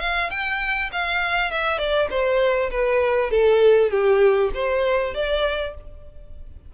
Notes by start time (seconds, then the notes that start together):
0.00 F5
0.30 G5
0.92 F5
1.51 E5
1.78 D5
2.10 C5
2.71 B4
3.31 A4
3.91 G4
4.54 C5
5.14 D5